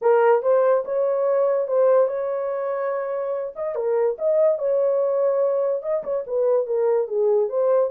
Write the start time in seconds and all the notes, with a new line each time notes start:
0.01 A#4
0.42 C5
0.84 C#5
1.67 C5
2.07 C#5
3.55 D#5
3.75 A#4
4.18 D#5
4.58 C#5
5.82 D#5
6.03 C#5
6.27 B4
6.66 A#4
7.07 G#4
7.49 C5